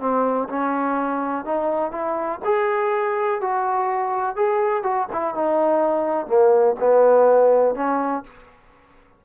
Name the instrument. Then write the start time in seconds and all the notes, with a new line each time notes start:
trombone
0.00 C4
0.49 C#4
1.45 D#4
1.92 E4
2.45 G#4
3.41 F#4
4.36 G#4
4.83 F#4
5.13 E4
5.35 D#4
6.27 A#3
6.80 B3
7.75 C#4